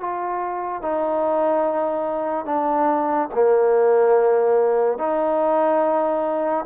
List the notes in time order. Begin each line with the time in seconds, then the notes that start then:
0.00 F4
0.81 D#4
2.45 D4
3.34 A#3
4.98 D#4